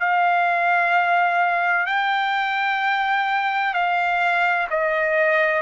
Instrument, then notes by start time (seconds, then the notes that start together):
trumpet
0.00 F5
1.87 G5
3.74 F5
4.70 D#5